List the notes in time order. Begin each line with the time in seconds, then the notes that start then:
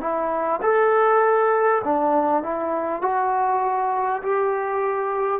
0.00 E4
0.62 A4
1.84 D4
2.42 E4
3.01 F#4
4.22 G4